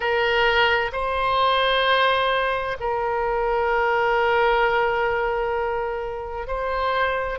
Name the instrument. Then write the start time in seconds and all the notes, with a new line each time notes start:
oboe
0.00 A#4
0.92 C5
2.79 A#4
6.47 C5